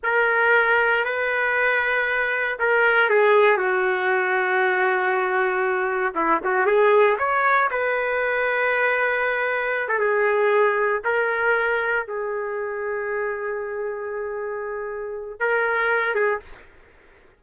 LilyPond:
\new Staff \with { instrumentName = "trumpet" } { \time 4/4 \tempo 4 = 117 ais'2 b'2~ | b'4 ais'4 gis'4 fis'4~ | fis'1 | e'8 fis'8 gis'4 cis''4 b'4~ |
b'2.~ b'16 a'16 gis'8~ | gis'4. ais'2 gis'8~ | gis'1~ | gis'2 ais'4. gis'8 | }